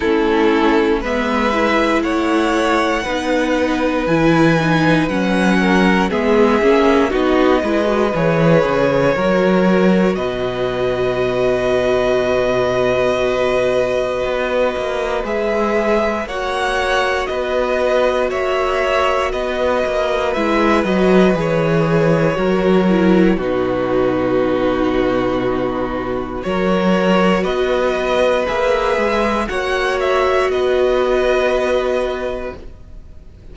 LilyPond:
<<
  \new Staff \with { instrumentName = "violin" } { \time 4/4 \tempo 4 = 59 a'4 e''4 fis''2 | gis''4 fis''4 e''4 dis''4 | cis''2 dis''2~ | dis''2. e''4 |
fis''4 dis''4 e''4 dis''4 | e''8 dis''8 cis''2 b'4~ | b'2 cis''4 dis''4 | e''4 fis''8 e''8 dis''2 | }
  \new Staff \with { instrumentName = "violin" } { \time 4/4 e'4 b'4 cis''4 b'4~ | b'4. ais'8 gis'4 fis'8 b'8~ | b'4 ais'4 b'2~ | b'1 |
cis''4 b'4 cis''4 b'4~ | b'2 ais'4 fis'4~ | fis'2 ais'4 b'4~ | b'4 cis''4 b'2 | }
  \new Staff \with { instrumentName = "viola" } { \time 4/4 cis'4 b8 e'4. dis'4 | e'8 dis'8 cis'4 b8 cis'8 dis'8 e'16 fis'16 | gis'4 fis'2.~ | fis'2. gis'4 |
fis'1 | e'8 fis'8 gis'4 fis'8 e'8 dis'4~ | dis'2 fis'2 | gis'4 fis'2. | }
  \new Staff \with { instrumentName = "cello" } { \time 4/4 a4 gis4 a4 b4 | e4 fis4 gis8 ais8 b8 gis8 | e8 cis8 fis4 b,2~ | b,2 b8 ais8 gis4 |
ais4 b4 ais4 b8 ais8 | gis8 fis8 e4 fis4 b,4~ | b,2 fis4 b4 | ais8 gis8 ais4 b2 | }
>>